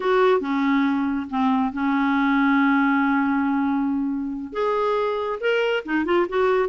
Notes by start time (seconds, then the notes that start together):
0.00 F#4
0.40 C#4
1.30 C4
1.72 C#4
4.52 G#4
5.40 A#4
5.85 D#4
6.05 F4
6.28 F#4